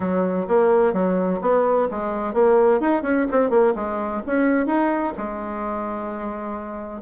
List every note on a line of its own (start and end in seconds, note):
0.00 0.47 F#3
0.47 0.93 A#3
0.93 1.40 F#3
1.41 1.88 B3
1.90 2.33 G#3
2.33 2.80 A#3
2.80 3.02 D#4
3.02 3.26 C#4
3.31 3.50 C4
3.50 3.73 A#3
3.75 4.22 G#3
4.26 4.66 C#4
4.66 5.13 D#4
5.17 7.01 G#3